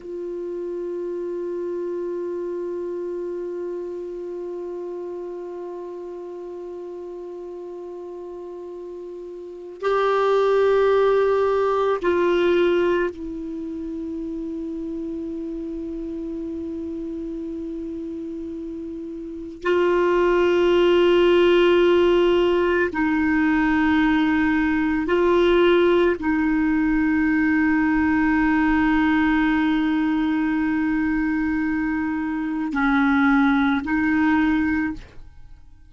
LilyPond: \new Staff \with { instrumentName = "clarinet" } { \time 4/4 \tempo 4 = 55 f'1~ | f'1~ | f'4 g'2 f'4 | e'1~ |
e'2 f'2~ | f'4 dis'2 f'4 | dis'1~ | dis'2 cis'4 dis'4 | }